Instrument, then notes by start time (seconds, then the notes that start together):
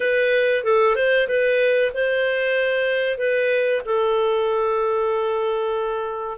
clarinet
0.00 B4
0.64 A4
0.95 C5
1.28 B4
1.94 C5
3.17 B4
3.85 A4